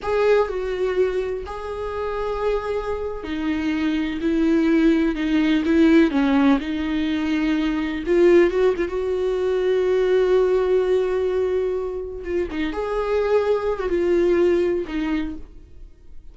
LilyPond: \new Staff \with { instrumentName = "viola" } { \time 4/4 \tempo 4 = 125 gis'4 fis'2 gis'4~ | gis'2~ gis'8. dis'4~ dis'16~ | dis'8. e'2 dis'4 e'16~ | e'8. cis'4 dis'2~ dis'16~ |
dis'8. f'4 fis'8 f'16 fis'4.~ | fis'1~ | fis'4. f'8 dis'8 gis'4.~ | gis'8. fis'16 f'2 dis'4 | }